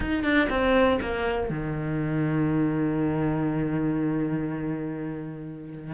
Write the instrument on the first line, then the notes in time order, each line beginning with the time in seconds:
cello
0.00 D#4
0.23 D4
0.49 C4
1.01 A#3
1.49 D#3